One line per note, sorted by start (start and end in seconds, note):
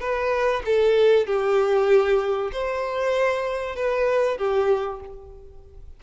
0.00 0.62 B4
0.66 1.26 A4
1.26 2.51 G4
2.52 3.76 C5
3.76 4.38 B4
4.38 5.00 G4